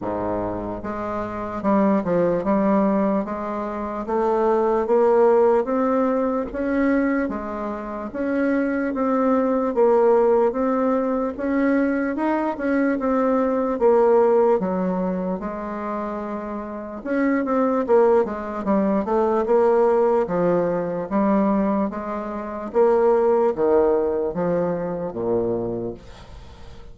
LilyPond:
\new Staff \with { instrumentName = "bassoon" } { \time 4/4 \tempo 4 = 74 gis,4 gis4 g8 f8 g4 | gis4 a4 ais4 c'4 | cis'4 gis4 cis'4 c'4 | ais4 c'4 cis'4 dis'8 cis'8 |
c'4 ais4 fis4 gis4~ | gis4 cis'8 c'8 ais8 gis8 g8 a8 | ais4 f4 g4 gis4 | ais4 dis4 f4 ais,4 | }